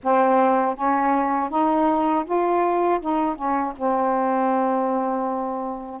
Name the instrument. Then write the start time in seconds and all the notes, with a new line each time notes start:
saxophone
0.03 C4
0.75 C#4
1.49 D#4
2.25 F4
3.00 D#4
3.35 C#4
3.76 C4